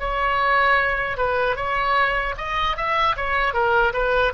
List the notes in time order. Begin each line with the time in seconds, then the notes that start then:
0.00 C#5
1.18 B4
1.56 C#5
2.38 D#5
2.77 E5
3.17 C#5
3.54 A#4
3.94 B4